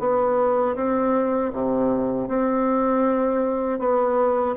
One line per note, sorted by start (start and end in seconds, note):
0.00 0.76 B3
0.76 1.52 C4
1.53 2.29 C3
2.29 3.80 C4
3.80 4.56 B3